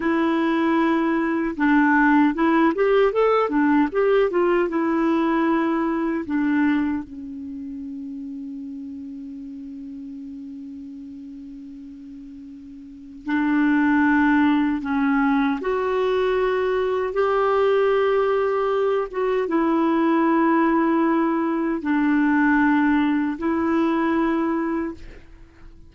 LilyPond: \new Staff \with { instrumentName = "clarinet" } { \time 4/4 \tempo 4 = 77 e'2 d'4 e'8 g'8 | a'8 d'8 g'8 f'8 e'2 | d'4 cis'2.~ | cis'1~ |
cis'4 d'2 cis'4 | fis'2 g'2~ | g'8 fis'8 e'2. | d'2 e'2 | }